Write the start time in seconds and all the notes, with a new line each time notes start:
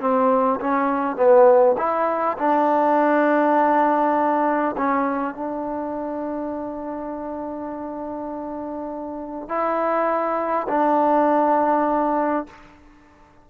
0.00 C4
0.60 C#4
1.16 B3
1.77 E4
2.38 D4
4.77 C#4
5.34 D4
9.48 E4
10.68 D4